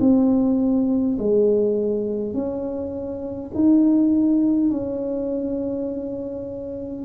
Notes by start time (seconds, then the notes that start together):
0.00 C4
1.19 G#3
2.34 C#4
3.55 D#4
4.71 C#4